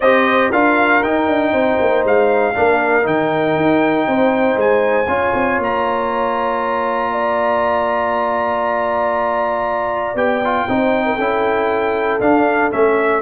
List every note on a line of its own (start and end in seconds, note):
0.00 0.51 C4
0.00 0.52 G4
0.00 0.49 C5
0.00 0.51 D#5
0.49 1.02 D4
0.49 1.03 F4
0.49 1.51 A#4
0.49 1.02 F5
1.02 1.27 D#4
1.02 2.54 D#4
1.02 2.04 G5
1.27 1.52 D4
1.52 1.77 C4
1.52 2.54 C5
1.80 2.04 A#3
2.04 2.55 G#3
2.04 3.07 F5
2.54 3.06 A#3
2.54 3.02 D4
2.54 4.09 A#4
3.02 3.56 D#3
3.02 5.06 D#4
3.02 4.59 G5
3.56 4.06 D#4
4.07 4.55 C4
4.07 5.08 C5
4.55 5.06 G#3
4.55 5.61 G#5
5.07 5.33 C#4
5.07 10.15 F4
5.07 7.11 C#5
5.33 5.58 C4
5.58 10.14 A#3
5.58 10.17 A#5
7.12 10.68 D5
10.14 10.65 B3
10.14 10.41 G4
10.14 12.20 G5
10.43 10.68 F4
10.68 11.18 C4
10.68 11.19 D#4
10.68 11.06 C5
11.06 11.15 A#4
11.15 12.19 C#4
11.15 12.20 E4
11.15 13.19 A4
12.20 12.71 D4
12.20 12.71 F5
12.71 13.21 A3
12.71 13.21 C#4
12.71 13.21 E5